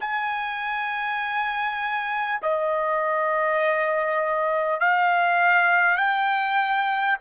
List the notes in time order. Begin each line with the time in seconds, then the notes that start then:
0.00 G#5
2.42 D#5
4.80 F5
5.97 G5